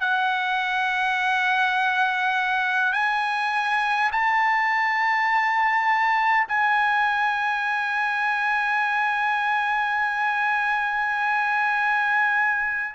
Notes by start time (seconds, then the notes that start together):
0.00 F#5
2.93 G#5
4.12 A5
6.49 G#5